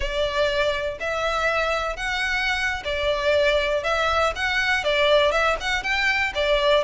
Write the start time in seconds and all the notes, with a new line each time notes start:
0.00 D5
1.00 E5
1.96 F#5
2.84 D5
3.83 E5
4.35 F#5
4.84 D5
5.31 E5
5.60 F#5
5.83 G5
6.34 D5